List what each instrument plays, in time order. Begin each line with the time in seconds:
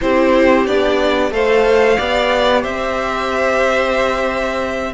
0.01 cello C4, viola E4, violin G4 C5
0.66 cello B3, viola D4, violin D5
1.31 cello A3, viola A4, violin C5 F5
1.96 cello B3, viola G4, violin D5
2.62 cello C4, violin C5 E5